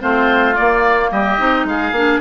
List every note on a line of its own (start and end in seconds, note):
0.00 0.58 A3
0.00 0.55 C4
0.00 1.11 F4
0.00 0.55 C5
0.55 1.38 A#3
0.55 1.11 A#3
0.55 1.10 D5
1.11 1.39 G3
1.11 1.67 G4
1.11 1.67 D#5
1.38 1.65 C4
1.38 1.93 D#4
1.65 1.92 G#3
1.65 2.21 G#4
1.65 2.21 F5
1.92 2.19 A#3
1.92 2.21 D4